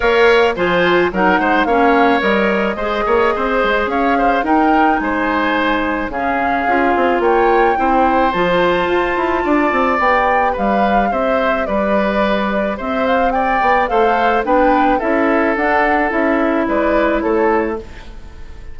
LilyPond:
<<
  \new Staff \with { instrumentName = "flute" } { \time 4/4 \tempo 4 = 108 f''4 gis''4 fis''4 f''4 | dis''2. f''4 | g''4 gis''2 f''4~ | f''4 g''2 a''4~ |
a''2 g''4 f''4 | e''4 d''2 e''8 f''8 | g''4 f''4 g''4 e''4 | fis''4 e''4 d''4 cis''4 | }
  \new Staff \with { instrumentName = "oboe" } { \time 4/4 cis''4 c''4 ais'8 c''8 cis''4~ | cis''4 c''8 cis''8 c''4 cis''8 c''8 | ais'4 c''2 gis'4~ | gis'4 cis''4 c''2~ |
c''4 d''2 b'4 | c''4 b'2 c''4 | d''4 c''4 b'4 a'4~ | a'2 b'4 a'4 | }
  \new Staff \with { instrumentName = "clarinet" } { \time 4/4 ais'4 f'4 dis'4 cis'4 | ais'4 gis'2. | dis'2. cis'4 | f'2 e'4 f'4~ |
f'2 g'2~ | g'1~ | g'4 a'4 d'4 e'4 | d'4 e'2. | }
  \new Staff \with { instrumentName = "bassoon" } { \time 4/4 ais4 f4 fis8 gis8 ais4 | g4 gis8 ais8 c'8 gis8 cis'4 | dis'4 gis2 cis4 | cis'8 c'8 ais4 c'4 f4 |
f'8 e'8 d'8 c'8 b4 g4 | c'4 g2 c'4~ | c'8 b8 a4 b4 cis'4 | d'4 cis'4 gis4 a4 | }
>>